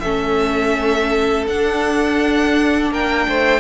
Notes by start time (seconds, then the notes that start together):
0.00 A3 C#4 A4 E5
1.47 D4 F#5
2.91 A#3 A#4 G5
3.28 A3 C5